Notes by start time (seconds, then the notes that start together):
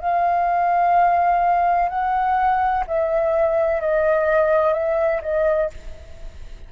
0.00 F5
1.88 F#5
2.87 E5
3.81 D#5
4.73 E5
5.22 D#5